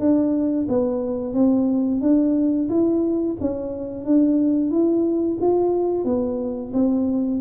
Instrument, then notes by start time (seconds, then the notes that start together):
tuba
0.00 D4
0.69 B3
1.34 C4
2.02 D4
2.69 E4
3.41 C#4
4.05 D4
4.71 E4
5.41 F4
6.05 B3
6.73 C4